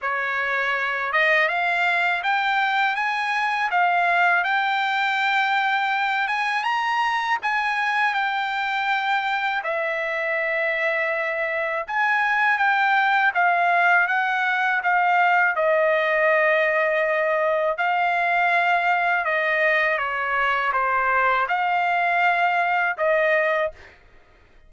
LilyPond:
\new Staff \with { instrumentName = "trumpet" } { \time 4/4 \tempo 4 = 81 cis''4. dis''8 f''4 g''4 | gis''4 f''4 g''2~ | g''8 gis''8 ais''4 gis''4 g''4~ | g''4 e''2. |
gis''4 g''4 f''4 fis''4 | f''4 dis''2. | f''2 dis''4 cis''4 | c''4 f''2 dis''4 | }